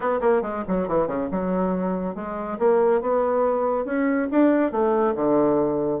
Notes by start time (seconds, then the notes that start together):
0.00 B3
0.20 A#3
0.42 G#3
0.68 F#3
0.88 E3
1.07 C#3
1.31 F#3
2.15 G#3
2.58 A#3
3.01 B3
3.85 C#4
4.31 D4
4.71 A3
5.15 D3